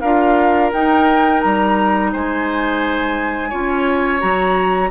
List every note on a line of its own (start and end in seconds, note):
0.00 0.72 D4
0.00 0.73 F4
0.00 2.10 A#4
0.00 0.70 F5
0.73 3.51 D#4
0.73 1.43 D#4
0.73 1.40 G5
1.40 2.14 G3
1.40 2.10 A#5
2.12 3.53 G#3
2.12 3.49 C5
2.12 4.20 G#5
3.49 4.22 C#4
3.49 4.19 F4
3.49 4.89 C#5
4.19 4.91 F#3
4.19 4.89 F#4
4.19 4.90 A#5